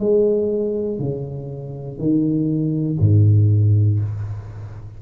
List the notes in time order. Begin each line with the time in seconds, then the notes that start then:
0.00 G#3
0.99 C#3
1.98 D#3
3.00 G#2